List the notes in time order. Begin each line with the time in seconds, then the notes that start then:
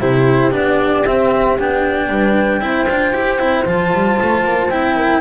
0.00 C3 E4 G4 C5
0.51 B3 D4 D5
1.05 C4 E5
1.58 B3 D4 G5
2.09 G3 B4
2.59 C4 E4 C5
2.89 D4 F4
3.13 E4 G4
3.38 C4 E4
3.65 F3 F4 A5
3.93 G3
4.21 A3
4.43 A#3
4.69 C4 E4 G5
4.96 A#4